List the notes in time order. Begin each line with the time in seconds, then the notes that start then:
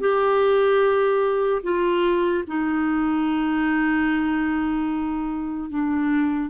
0.00 G4
1.63 F4
2.48 D#4
5.70 D4